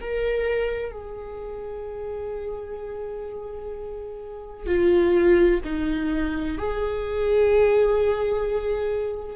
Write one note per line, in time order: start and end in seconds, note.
0.00 0.91 A#4
0.91 4.66 G#4
4.66 5.60 F4
5.64 6.58 D#4
6.58 9.36 G#4